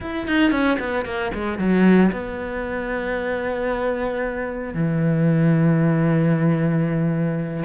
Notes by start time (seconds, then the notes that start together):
0.00 E4
0.27 D#4
0.51 C#4
0.79 B3
1.05 A#3
1.34 G#3
1.58 F#3
2.12 B3
4.74 E3